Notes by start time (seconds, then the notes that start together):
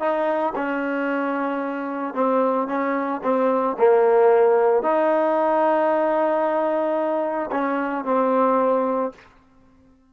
0.00 D#4
0.56 C#4
2.14 C4
2.68 C#4
3.23 C4
3.79 A#3
4.83 D#4
7.51 C#4
8.05 C4